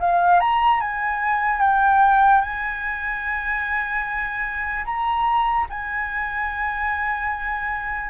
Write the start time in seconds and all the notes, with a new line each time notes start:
0.00 F5
0.40 A#5
0.81 G#5
1.61 G5
2.42 G#5
4.85 A#5
5.70 G#5